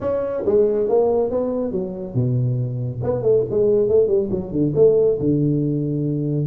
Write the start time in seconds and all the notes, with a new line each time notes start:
0.01 C#4
0.45 G#3
0.88 A#3
1.30 B3
1.71 F#3
2.14 B2
3.03 B3
3.22 A3
3.50 G#3
3.88 A3
4.07 G3
4.30 F#3
4.51 D3
4.75 A3
5.19 D3